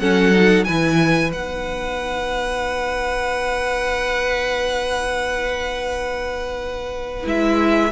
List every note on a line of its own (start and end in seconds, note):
0.00 0.67 F#3
0.00 0.33 C#4
0.00 0.67 A4
0.00 0.65 F#5
0.33 0.66 D#4
0.65 1.34 E3
0.65 1.33 E4
0.65 7.92 B4
0.65 1.31 G#5
1.33 7.26 B3
1.33 7.24 D#4
1.33 7.27 F#5
7.24 7.92 G#3
7.24 7.90 E4
7.24 7.92 E5